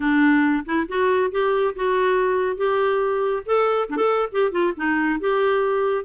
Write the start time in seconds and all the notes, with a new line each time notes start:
0.00 D4
0.65 E4
0.88 F#4
1.31 G4
1.75 F#4
2.56 G4
3.45 A4
3.89 D4
3.96 A4
4.32 G4
4.51 F4
4.76 D#4
5.20 G4